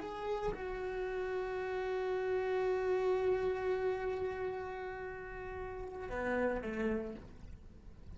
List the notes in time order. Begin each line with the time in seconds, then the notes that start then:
0.00 G#4
0.54 F#4
6.10 B3
6.62 A3